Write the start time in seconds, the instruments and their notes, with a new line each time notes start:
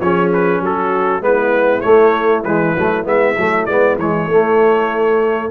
0.00 tuba F3, trombone C#4, horn G#4, trumpet C#5
0.33 trumpet B4
0.61 tuba F#3, horn F#4, trumpet A4
1.20 tuba G#3, trombone B3, horn E4, trumpet B4
1.81 trombone A3, tuba A3, trumpet C#5
2.44 tuba E3, trombone G#3, trumpet B4
2.77 tuba F#3, trombone A3
3.04 tuba G#3, trombone B3, trumpet E5
3.37 tuba F#3, trombone A3
3.66 tuba G#3, trombone B3, trumpet D5
3.96 tuba E3, trombone G#3, trumpet C#5
4.28 tuba A3, trombone A3